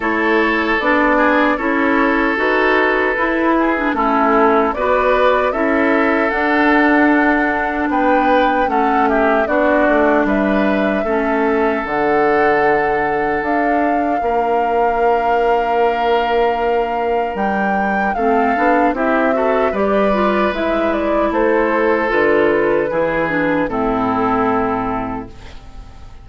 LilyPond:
<<
  \new Staff \with { instrumentName = "flute" } { \time 4/4 \tempo 4 = 76 cis''4 d''4 cis''4 b'4~ | b'4 a'4 d''4 e''4 | fis''2 g''4 fis''8 e''8 | d''4 e''2 fis''4~ |
fis''4 f''2.~ | f''2 g''4 f''4 | e''4 d''4 e''8 d''8 c''4 | b'2 a'2 | }
  \new Staff \with { instrumentName = "oboe" } { \time 4/4 a'4. gis'8 a'2~ | a'8 gis'8 e'4 b'4 a'4~ | a'2 b'4 a'8 g'8 | fis'4 b'4 a'2~ |
a'2 ais'2~ | ais'2. a'4 | g'8 a'8 b'2 a'4~ | a'4 gis'4 e'2 | }
  \new Staff \with { instrumentName = "clarinet" } { \time 4/4 e'4 d'4 e'4 fis'4 | e'8. d'16 cis'4 fis'4 e'4 | d'2. cis'4 | d'2 cis'4 d'4~ |
d'1~ | d'2. c'8 d'8 | e'8 fis'8 g'8 f'8 e'2 | f'4 e'8 d'8 c'2 | }
  \new Staff \with { instrumentName = "bassoon" } { \time 4/4 a4 b4 cis'4 dis'4 | e'4 a4 b4 cis'4 | d'2 b4 a4 | b8 a8 g4 a4 d4~ |
d4 d'4 ais2~ | ais2 g4 a8 b8 | c'4 g4 gis4 a4 | d4 e4 a,2 | }
>>